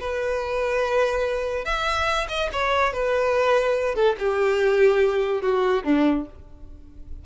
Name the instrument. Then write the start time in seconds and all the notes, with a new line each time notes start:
violin
0.00 B4
1.65 E5
2.29 D#5
2.53 C#5
2.93 B4
3.95 A4
4.19 G4
5.42 F#4
5.84 D4